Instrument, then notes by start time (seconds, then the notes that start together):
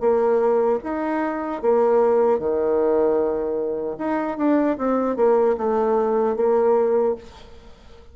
bassoon
0.00 A#3
0.83 D#4
1.62 A#3
2.39 D#3
3.98 D#4
4.37 D4
4.78 C4
5.16 A#3
5.58 A3
6.36 A#3